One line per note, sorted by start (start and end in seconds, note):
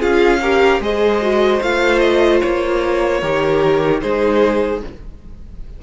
0.00 0.80 C#4
0.00 0.40 F4
0.00 0.40 G#4
0.00 0.82 F5
0.41 0.81 G4
0.41 0.81 A#4
0.80 1.60 G#3
0.80 1.21 G#4
0.80 3.21 C5
0.80 1.63 D#5
1.22 1.62 F#4
1.62 2.42 A3
1.62 3.23 F4
1.62 1.99 F5
1.99 2.39 D#5
2.41 3.23 A#3
2.41 4.00 C#5
3.21 4.03 D#3
3.21 4.02 G4
3.21 4.01 A#4
4.01 4.83 G#3
4.01 4.82 D#4
4.01 4.83 G#4
4.01 4.81 C5